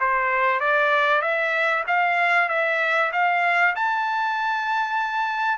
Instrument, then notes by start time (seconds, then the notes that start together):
trumpet
0.00 C5
0.60 D5
1.22 E5
1.87 F5
2.49 E5
3.12 F5
3.76 A5